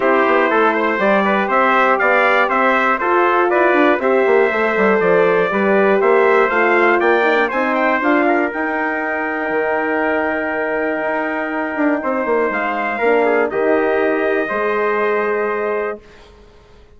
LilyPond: <<
  \new Staff \with { instrumentName = "trumpet" } { \time 4/4 \tempo 4 = 120 c''2 d''4 e''4 | f''4 e''4 c''4 d''4 | e''2 d''2 | e''4 f''4 g''4 gis''8 g''8 |
f''4 g''2.~ | g''1~ | g''4 f''2 dis''4~ | dis''1 | }
  \new Staff \with { instrumentName = "trumpet" } { \time 4/4 g'4 a'8 c''4 b'8 c''4 | d''4 c''4 a'4 b'4 | c''2. b'4 | c''2 d''4 c''4~ |
c''8 ais'2.~ ais'8~ | ais'1 | c''2 ais'8 gis'8 g'4~ | g'4 c''2. | }
  \new Staff \with { instrumentName = "horn" } { \time 4/4 e'2 g'2~ | g'2 f'2 | g'4 a'2 g'4~ | g'4 f'4. dis'16 d'16 dis'4 |
f'4 dis'2.~ | dis'1~ | dis'2 d'4 dis'4~ | dis'4 gis'2. | }
  \new Staff \with { instrumentName = "bassoon" } { \time 4/4 c'8 b8 a4 g4 c'4 | b4 c'4 f'4 e'8 d'8 | c'8 ais8 a8 g8 f4 g4 | ais4 a4 ais4 c'4 |
d'4 dis'2 dis4~ | dis2 dis'4. d'8 | c'8 ais8 gis4 ais4 dis4~ | dis4 gis2. | }
>>